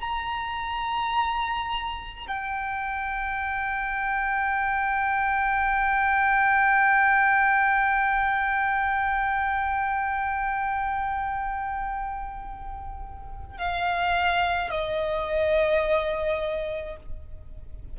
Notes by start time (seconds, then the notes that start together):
0.00 A#5
2.27 G5
13.57 F5
14.70 D#5